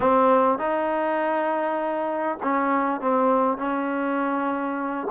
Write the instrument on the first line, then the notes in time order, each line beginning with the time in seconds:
trombone
0.00 C4
0.58 D#4
2.42 C#4
3.01 C4
3.57 C#4